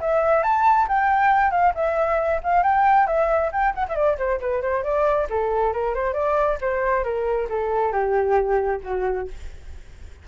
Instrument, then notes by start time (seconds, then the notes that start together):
flute
0.00 E5
0.43 A5
0.88 G5
1.51 F5
1.74 E5
2.43 F5
2.63 G5
3.07 E5
3.52 G5
3.74 F#5
3.88 E5
3.95 D5
4.18 C5
4.40 B4
4.62 C5
4.83 D5
5.30 A4
5.73 A#4
5.94 C5
6.13 D5
6.61 C5
7.04 A#4
7.49 A4
7.92 G4
8.83 F#4